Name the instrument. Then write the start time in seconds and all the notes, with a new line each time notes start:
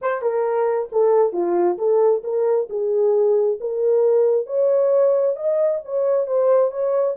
horn
0.01 C5
0.22 A#4
0.92 A4
1.32 F4
1.78 A4
2.23 A#4
2.69 G#4
3.60 A#4
4.46 C#5
5.36 D#5
5.85 C#5
6.26 C5
6.71 C#5